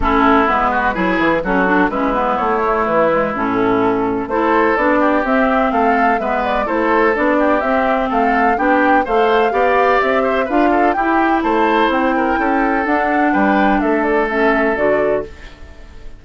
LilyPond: <<
  \new Staff \with { instrumentName = "flute" } { \time 4/4 \tempo 4 = 126 a'4 b'2 a'4 | b'4 cis''4 b'4 a'4~ | a'4 c''4 d''4 e''4 | f''4 e''8 d''8 c''4 d''4 |
e''4 f''4 g''4 f''4~ | f''4 e''4 f''4 g''4 | a''4 g''2 fis''4 | g''4 e''8 d''8 e''4 d''4 | }
  \new Staff \with { instrumentName = "oboe" } { \time 4/4 e'4. fis'8 gis'4 fis'4 | e'1~ | e'4 a'4. g'4. | a'4 b'4 a'4. g'8~ |
g'4 a'4 g'4 c''4 | d''4. c''8 b'8 a'8 g'4 | c''4. ais'8 a'2 | b'4 a'2. | }
  \new Staff \with { instrumentName = "clarinet" } { \time 4/4 cis'4 b4 e'4 cis'8 d'8 | cis'8 b4 a4 gis8 cis'4~ | cis'4 e'4 d'4 c'4~ | c'4 b4 e'4 d'4 |
c'2 d'4 a'4 | g'2 f'4 e'4~ | e'2. d'4~ | d'2 cis'4 fis'4 | }
  \new Staff \with { instrumentName = "bassoon" } { \time 4/4 a4 gis4 fis8 e8 fis4 | gis4 a4 e4 a,4~ | a,4 a4 b4 c'4 | a4 gis4 a4 b4 |
c'4 a4 b4 a4 | b4 c'4 d'4 e'4 | a4 c'4 cis'4 d'4 | g4 a2 d4 | }
>>